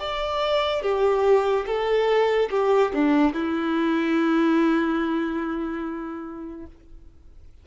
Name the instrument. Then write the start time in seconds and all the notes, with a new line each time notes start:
violin
0.00 D5
0.83 G4
1.66 A4
2.50 G4
2.94 D4
3.33 E4